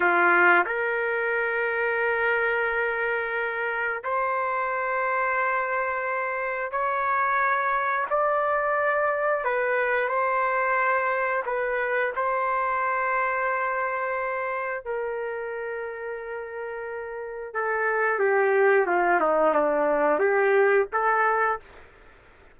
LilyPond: \new Staff \with { instrumentName = "trumpet" } { \time 4/4 \tempo 4 = 89 f'4 ais'2.~ | ais'2 c''2~ | c''2 cis''2 | d''2 b'4 c''4~ |
c''4 b'4 c''2~ | c''2 ais'2~ | ais'2 a'4 g'4 | f'8 dis'8 d'4 g'4 a'4 | }